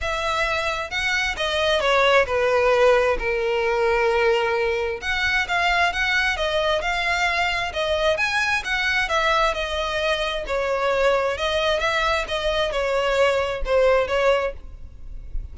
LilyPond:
\new Staff \with { instrumentName = "violin" } { \time 4/4 \tempo 4 = 132 e''2 fis''4 dis''4 | cis''4 b'2 ais'4~ | ais'2. fis''4 | f''4 fis''4 dis''4 f''4~ |
f''4 dis''4 gis''4 fis''4 | e''4 dis''2 cis''4~ | cis''4 dis''4 e''4 dis''4 | cis''2 c''4 cis''4 | }